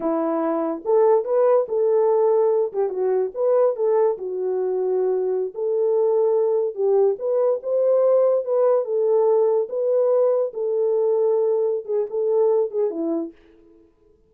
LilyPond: \new Staff \with { instrumentName = "horn" } { \time 4/4 \tempo 4 = 144 e'2 a'4 b'4 | a'2~ a'8 g'8 fis'4 | b'4 a'4 fis'2~ | fis'4~ fis'16 a'2~ a'8.~ |
a'16 g'4 b'4 c''4.~ c''16~ | c''16 b'4 a'2 b'8.~ | b'4~ b'16 a'2~ a'8.~ | a'8 gis'8 a'4. gis'8 e'4 | }